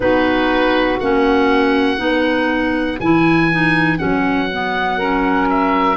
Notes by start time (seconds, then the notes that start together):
0.00 B3 D#4 F#4 B4
0.99 A#3 C#4 F#5
1.97 B3 D#4 B4
3.00 E3 E4 G#5
3.51 D#4
3.98 F#3 C#4 F#5
4.51 B3
4.97 C#4 A#4
5.49 E5